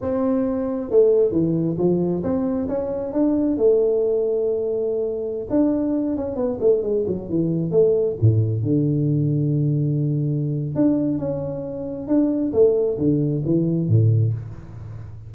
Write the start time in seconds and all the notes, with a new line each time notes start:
0.01 C4
0.90 A3
1.31 E3
1.78 F3
2.23 C4
2.68 C#4
3.13 D4
3.57 A3
5.50 D4
6.16 C#4
6.36 B3
6.60 A3
6.82 G#3
7.07 F#3
7.29 E3
7.71 A3
8.21 A2
8.63 D3
10.75 D4
11.18 C#4
12.07 D4
12.53 A3
12.98 D3
13.45 E3
13.88 A2